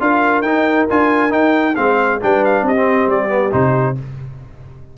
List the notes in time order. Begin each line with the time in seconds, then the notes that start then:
0.00 D4 F4 A#4 F5
0.42 D#4 G5
0.90 D4 F4 G#5
1.30 D#4 G5
1.75 G#3 C4 C5 F5
2.21 G3 D4 B4 G5
2.45 F5
2.62 C4 G4 D#5
2.76 C4
3.07 G3 D5
3.29 B3
3.51 C3 D#4 C5